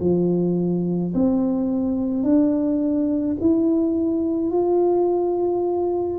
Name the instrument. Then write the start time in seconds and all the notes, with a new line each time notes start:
tuba
0.00 F3
1.14 C4
2.23 D4
3.41 E4
4.51 F4